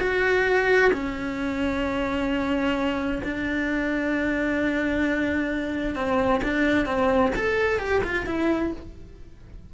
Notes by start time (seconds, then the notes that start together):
0.00 F#4
0.93 C#4
3.24 D4
5.96 C4
6.44 D4
6.86 C4
7.36 A4
7.79 G4
8.04 F4
8.27 E4